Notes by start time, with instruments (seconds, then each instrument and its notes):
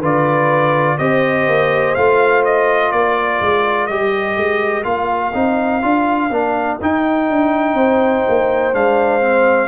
0.00 tuba D3, trombone F4, horn B4, trumpet D5
0.98 tuba C4, trombone G4, horn C5, trumpet D#5
1.48 tuba A#3
1.95 tuba A3, trombone F4, trumpet F5
2.45 trumpet D#5
2.92 tuba A#3, horn A#4, trumpet D5
3.41 tuba G#3
3.87 tuba G3, trombone G4, trumpet D#5
4.37 tuba G#3
4.84 tuba A#3, trombone F4, trumpet F5
5.33 tuba C4, trombone D#4
5.82 tuba D4, trombone F4
6.30 tuba A#3, trombone D4
6.81 trombone D#4, tuba D#4, trumpet G5
7.30 tuba D4
7.74 tuba C4, horn C5
8.28 tuba A#3
8.73 tuba G#3, trombone D4, trumpet F5
9.21 trombone C4